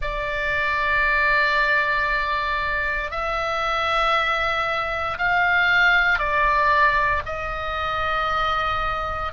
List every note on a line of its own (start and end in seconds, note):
0.01 3.10 D5
3.10 5.17 E5
5.17 6.18 F5
6.18 7.22 D5
7.25 9.32 D#5